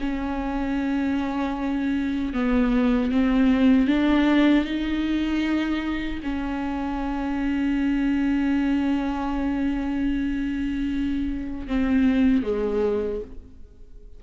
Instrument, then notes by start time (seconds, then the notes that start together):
viola
0.00 C#4
2.33 B3
3.11 C4
3.87 D4
4.64 D#4
6.23 C#4
11.67 C4
12.43 G#3